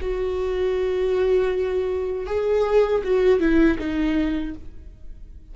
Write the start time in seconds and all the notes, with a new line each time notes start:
0.00 F#4
2.26 G#4
3.03 F#4
3.39 E4
3.78 D#4